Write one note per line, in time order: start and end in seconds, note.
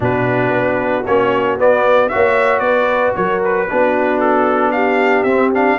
0.00 0.50 B2
0.00 1.03 D4
0.00 2.11 F#4
0.00 1.05 B4
0.50 1.03 B3
1.05 1.58 A#3
1.05 1.58 C#4
1.05 1.58 C#5
1.58 2.11 B3
1.58 2.08 D5
2.08 3.68 F#4
2.08 2.64 C#5
2.08 2.59 E5
2.15 2.60 A#3
2.59 3.12 B3
2.59 3.16 B4
2.59 3.11 D5
3.15 3.69 F#3
3.15 3.69 A#4
3.15 3.41 C#5
3.44 4.20 B4
3.70 5.23 B3
3.70 5.28 D4
3.70 4.73 F#4
4.20 4.71 A4
4.71 5.78 G4
4.71 5.23 F5
5.23 5.76 C4
5.23 5.53 C4
5.23 5.49 E5
5.53 5.78 D4
5.53 5.78 F5